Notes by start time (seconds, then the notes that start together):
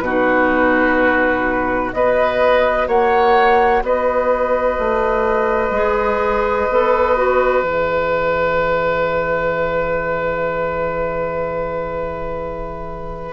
0.00 B2 F#4 B4
0.07 D#4
1.93 B3 F#4 B4 D#5
2.87 A#3 C#5 F#5
3.82 B3 B4 D#5
4.79 A3
5.71 G#3 G#4
6.69 B3 A4
7.17 F#4
7.63 E3 G#4 E5